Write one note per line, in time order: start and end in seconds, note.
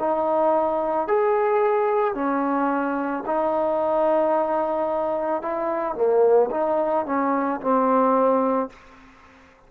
0.00 1.08 D#4
1.08 2.15 G#4
2.15 3.24 C#4
3.27 5.42 D#4
5.42 5.96 E4
5.96 6.50 A#3
6.52 7.06 D#4
7.06 7.61 C#4
7.61 8.70 C4